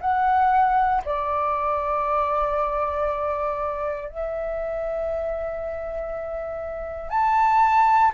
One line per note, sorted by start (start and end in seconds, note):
0.00 1.02 F#5
1.04 4.09 D5
4.09 7.10 E5
7.10 8.11 A5